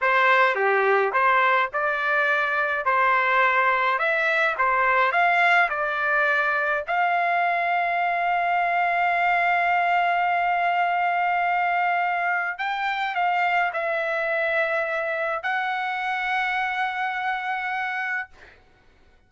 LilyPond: \new Staff \with { instrumentName = "trumpet" } { \time 4/4 \tempo 4 = 105 c''4 g'4 c''4 d''4~ | d''4 c''2 e''4 | c''4 f''4 d''2 | f''1~ |
f''1~ | f''2 g''4 f''4 | e''2. fis''4~ | fis''1 | }